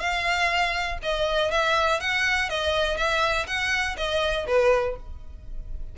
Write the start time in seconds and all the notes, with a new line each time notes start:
0.00 F5
1.03 D#5
1.51 E5
2.01 F#5
2.50 D#5
2.97 E5
3.47 F#5
3.97 D#5
4.47 B4